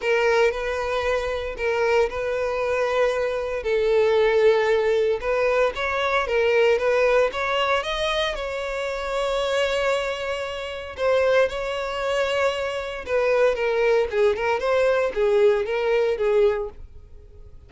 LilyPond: \new Staff \with { instrumentName = "violin" } { \time 4/4 \tempo 4 = 115 ais'4 b'2 ais'4 | b'2. a'4~ | a'2 b'4 cis''4 | ais'4 b'4 cis''4 dis''4 |
cis''1~ | cis''4 c''4 cis''2~ | cis''4 b'4 ais'4 gis'8 ais'8 | c''4 gis'4 ais'4 gis'4 | }